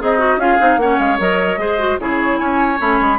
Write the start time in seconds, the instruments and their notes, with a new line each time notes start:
0.00 bassoon C4, oboe D#4, clarinet G#4, flute D#5
0.19 clarinet F#4
0.38 bassoon C#4, clarinet F4, oboe G#4, flute F5
0.60 bassoon C4, clarinet D#4
0.78 bassoon A#3, clarinet C#4, oboe C#5, flute F#5
0.99 bassoon G#3, flute F5
1.19 bassoon F#3, clarinet A#4, flute D#5
1.58 bassoon G#3, clarinet G#4, oboe C5
1.79 clarinet F#4
2.00 bassoon C#3, clarinet E4, oboe G#4, flute C#5
2.39 bassoon C#4, oboe C#5, flute G#5
2.79 bassoon A3, clarinet C#4, flute B5
3.01 bassoon G#3